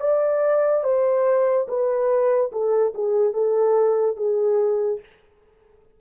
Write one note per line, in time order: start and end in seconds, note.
0.00 0.83 D5
0.83 1.67 C5
1.67 2.51 B4
2.52 2.94 A4
2.94 3.33 G#4
3.33 4.16 A4
4.16 5.00 G#4